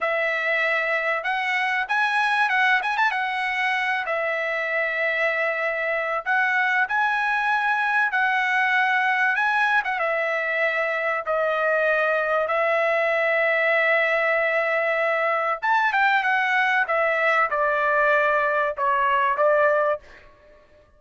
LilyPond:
\new Staff \with { instrumentName = "trumpet" } { \time 4/4 \tempo 4 = 96 e''2 fis''4 gis''4 | fis''8 gis''16 a''16 fis''4. e''4.~ | e''2 fis''4 gis''4~ | gis''4 fis''2 gis''8. fis''16 |
e''2 dis''2 | e''1~ | e''4 a''8 g''8 fis''4 e''4 | d''2 cis''4 d''4 | }